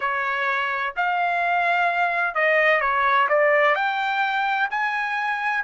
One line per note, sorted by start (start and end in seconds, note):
0.00 0.94 C#5
0.96 2.34 F5
2.34 2.80 D#5
2.80 3.27 C#5
3.29 3.75 D5
3.75 4.68 G5
4.70 5.64 G#5